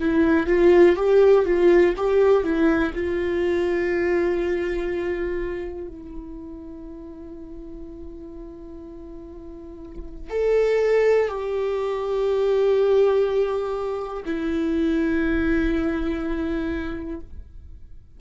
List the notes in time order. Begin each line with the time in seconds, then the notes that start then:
0.00 E4
0.47 F4
0.96 G4
1.45 F4
1.97 G4
2.44 E4
2.94 F4
5.88 E4
10.30 A4
11.28 G4
14.25 E4